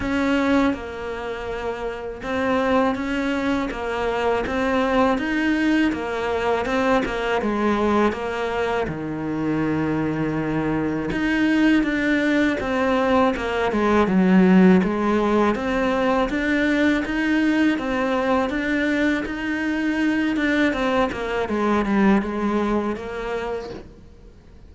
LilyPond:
\new Staff \with { instrumentName = "cello" } { \time 4/4 \tempo 4 = 81 cis'4 ais2 c'4 | cis'4 ais4 c'4 dis'4 | ais4 c'8 ais8 gis4 ais4 | dis2. dis'4 |
d'4 c'4 ais8 gis8 fis4 | gis4 c'4 d'4 dis'4 | c'4 d'4 dis'4. d'8 | c'8 ais8 gis8 g8 gis4 ais4 | }